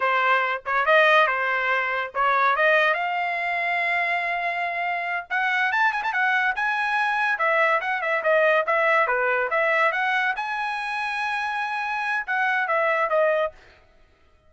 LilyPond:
\new Staff \with { instrumentName = "trumpet" } { \time 4/4 \tempo 4 = 142 c''4. cis''8 dis''4 c''4~ | c''4 cis''4 dis''4 f''4~ | f''1~ | f''8 fis''4 a''8 gis''16 a''16 fis''4 gis''8~ |
gis''4. e''4 fis''8 e''8 dis''8~ | dis''8 e''4 b'4 e''4 fis''8~ | fis''8 gis''2.~ gis''8~ | gis''4 fis''4 e''4 dis''4 | }